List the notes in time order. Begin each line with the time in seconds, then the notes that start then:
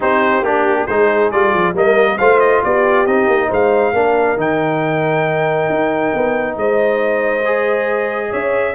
0.00 C4 D#4 G4 C5
0.41 A#3 D4 G4
0.86 G#3 D#4 G#4 C5
1.31 G3 F4 D5
1.54 F3
1.74 G3 A#3 A#4 D#5
2.18 A3 F4 C5 F5
2.40 D#5
2.63 B3 G4 D5
3.05 C4 D#4 D#5
3.27 A#3
3.48 G#3 C5 F5
3.92 A#3 D4 A#4
4.36 D#3 D#4 G5
5.69 D#4
6.14 B3
6.56 G#3 C5 D#5
7.45 G#4
8.30 C#4 C#5 E5